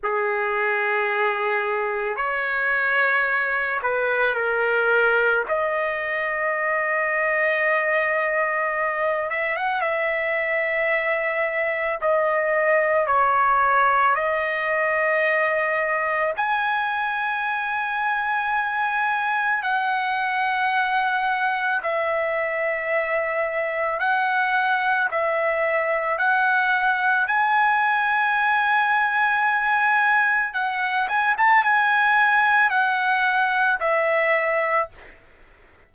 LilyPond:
\new Staff \with { instrumentName = "trumpet" } { \time 4/4 \tempo 4 = 55 gis'2 cis''4. b'8 | ais'4 dis''2.~ | dis''8 e''16 fis''16 e''2 dis''4 | cis''4 dis''2 gis''4~ |
gis''2 fis''2 | e''2 fis''4 e''4 | fis''4 gis''2. | fis''8 gis''16 a''16 gis''4 fis''4 e''4 | }